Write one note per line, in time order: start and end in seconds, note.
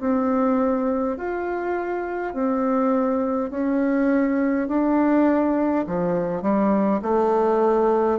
0.00 1.17 C4
1.17 2.33 F4
2.33 3.50 C4
3.50 4.68 C#4
4.68 5.86 D4
5.87 6.42 F3
6.42 7.01 G3
7.02 8.19 A3